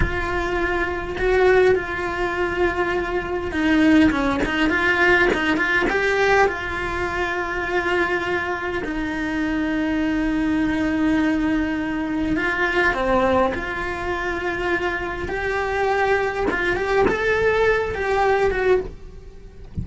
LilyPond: \new Staff \with { instrumentName = "cello" } { \time 4/4 \tempo 4 = 102 f'2 fis'4 f'4~ | f'2 dis'4 cis'8 dis'8 | f'4 dis'8 f'8 g'4 f'4~ | f'2. dis'4~ |
dis'1~ | dis'4 f'4 c'4 f'4~ | f'2 g'2 | f'8 g'8 a'4. g'4 fis'8 | }